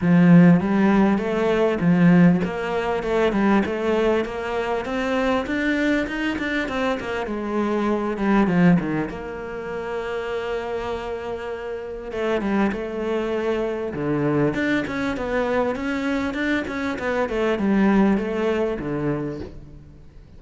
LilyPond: \new Staff \with { instrumentName = "cello" } { \time 4/4 \tempo 4 = 99 f4 g4 a4 f4 | ais4 a8 g8 a4 ais4 | c'4 d'4 dis'8 d'8 c'8 ais8 | gis4. g8 f8 dis8 ais4~ |
ais1 | a8 g8 a2 d4 | d'8 cis'8 b4 cis'4 d'8 cis'8 | b8 a8 g4 a4 d4 | }